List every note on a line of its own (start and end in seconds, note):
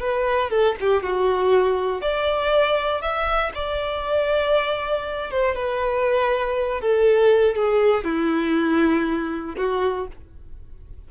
0.00 0.50 B4
0.50 0.76 A4
0.80 1.03 G4
1.03 2.01 F#4
2.01 3.01 D5
3.01 3.52 E5
3.55 5.31 D5
5.31 5.56 C5
5.56 6.81 B4
6.81 7.56 A4
7.56 8.04 G#4
8.04 9.55 E4
9.57 10.07 F#4